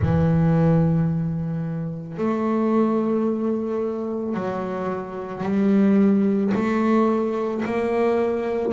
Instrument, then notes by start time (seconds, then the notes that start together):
double bass
0.01 E3
2.17 A3
4.34 F#3
5.42 G3
6.54 A3
7.65 A#3